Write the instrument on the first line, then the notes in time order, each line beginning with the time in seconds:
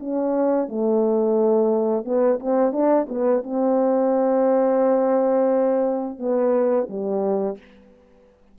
horn
0.00 C#4
0.69 A3
2.05 B3
2.40 C4
2.73 D4
3.09 B3
3.44 C4
6.19 B3
6.89 G3